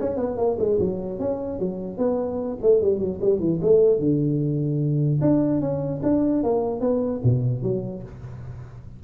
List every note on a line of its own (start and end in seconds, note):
0.00 0.17 C#4
0.17 0.37 B3
0.37 0.57 A#3
0.59 0.79 G#3
0.79 1.19 F#3
1.19 1.59 C#4
1.59 1.98 F#3
1.98 2.58 B3
2.62 2.81 A3
2.81 2.99 G3
2.99 3.20 F#3
3.22 3.40 G3
3.40 3.60 E3
3.62 4.00 A3
4.00 5.20 D3
5.21 5.61 D4
5.61 6.01 C#4
6.03 6.43 D4
6.43 6.81 A#3
6.81 7.21 B3
7.24 7.63 B2
7.63 8.03 F#3